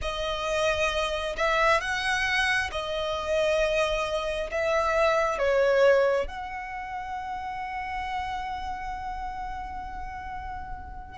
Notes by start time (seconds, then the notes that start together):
0.01 D#5
1.36 E5
1.80 F#5
2.71 D#5
4.51 E5
5.38 C#5
6.27 F#5